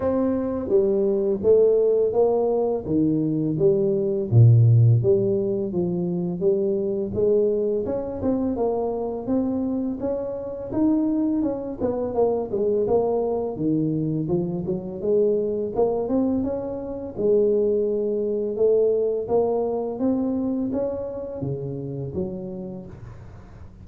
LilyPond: \new Staff \with { instrumentName = "tuba" } { \time 4/4 \tempo 4 = 84 c'4 g4 a4 ais4 | dis4 g4 ais,4 g4 | f4 g4 gis4 cis'8 c'8 | ais4 c'4 cis'4 dis'4 |
cis'8 b8 ais8 gis8 ais4 dis4 | f8 fis8 gis4 ais8 c'8 cis'4 | gis2 a4 ais4 | c'4 cis'4 cis4 fis4 | }